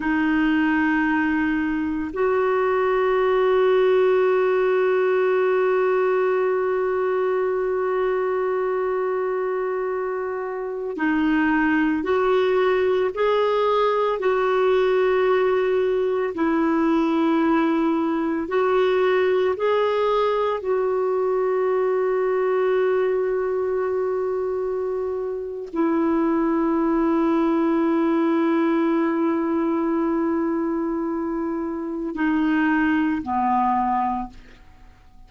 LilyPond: \new Staff \with { instrumentName = "clarinet" } { \time 4/4 \tempo 4 = 56 dis'2 fis'2~ | fis'1~ | fis'2~ fis'16 dis'4 fis'8.~ | fis'16 gis'4 fis'2 e'8.~ |
e'4~ e'16 fis'4 gis'4 fis'8.~ | fis'1 | e'1~ | e'2 dis'4 b4 | }